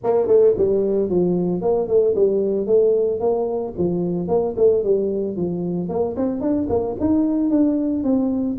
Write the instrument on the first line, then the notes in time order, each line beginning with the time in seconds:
tuba
0.03 A#3
0.27 A3
0.57 G3
1.09 F3
1.61 A#3
1.87 A3
2.15 G3
2.66 A3
3.20 A#3
3.78 F3
4.28 A#3
4.57 A3
4.83 G3
5.36 F3
5.88 A#3
6.16 C4
6.40 D4
6.69 A#3
6.99 D#4
7.50 D4
8.03 C4